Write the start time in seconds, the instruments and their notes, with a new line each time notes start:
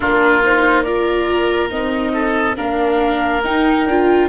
0.00 tuba A#3, viola D4, oboe F4, flute A#4
0.44 viola D#4, flute C5
0.82 viola F4, oboe A#4, flute D5
1.69 tuba C4, viola D#4, flute D#5
2.13 oboe A4
2.55 tuba A#3, viola D4, oboe A#4, flute F5
3.44 tuba D#4, viola D#4, flute G5
3.86 tuba D4, viola F4